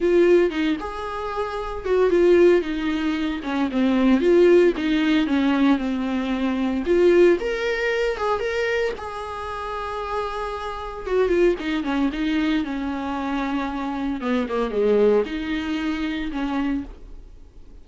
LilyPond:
\new Staff \with { instrumentName = "viola" } { \time 4/4 \tempo 4 = 114 f'4 dis'8 gis'2 fis'8 | f'4 dis'4. cis'8 c'4 | f'4 dis'4 cis'4 c'4~ | c'4 f'4 ais'4. gis'8 |
ais'4 gis'2.~ | gis'4 fis'8 f'8 dis'8 cis'8 dis'4 | cis'2. b8 ais8 | gis4 dis'2 cis'4 | }